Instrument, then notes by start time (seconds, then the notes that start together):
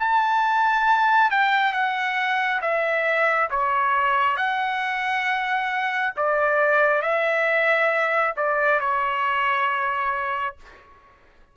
trumpet
0.00 A5
1.31 G5
1.73 F#5
2.62 E5
3.51 C#5
4.37 F#5
6.17 D5
7.02 E5
8.37 D5
8.80 C#5